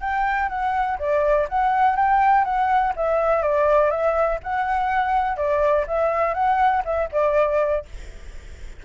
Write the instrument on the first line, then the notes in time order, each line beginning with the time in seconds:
flute
0.00 G5
0.48 F#5
0.98 D5
1.48 F#5
1.96 G5
2.44 F#5
2.96 E5
3.42 D5
3.90 E5
4.43 F#5
5.37 D5
5.87 E5
6.34 F#5
6.84 E5
7.12 D5